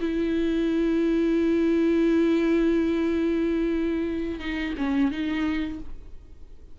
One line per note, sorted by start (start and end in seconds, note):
0.00 4.39 E4
4.39 4.73 D#4
4.77 5.11 C#4
5.11 5.79 D#4